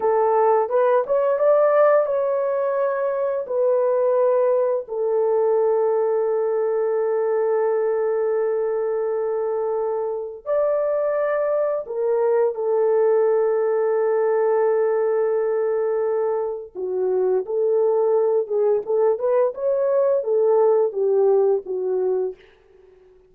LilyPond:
\new Staff \with { instrumentName = "horn" } { \time 4/4 \tempo 4 = 86 a'4 b'8 cis''8 d''4 cis''4~ | cis''4 b'2 a'4~ | a'1~ | a'2. d''4~ |
d''4 ais'4 a'2~ | a'1 | fis'4 a'4. gis'8 a'8 b'8 | cis''4 a'4 g'4 fis'4 | }